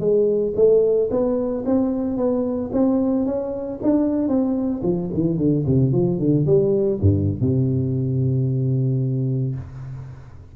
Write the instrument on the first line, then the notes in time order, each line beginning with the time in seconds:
tuba
0.00 G#3
0.56 A3
1.11 B3
1.66 C4
2.17 B3
2.73 C4
3.26 C#4
3.83 D4
4.28 C4
4.83 F3
5.14 E3
5.38 D3
5.66 C3
5.92 F3
6.19 D3
6.46 G3
7.01 G2
7.41 C3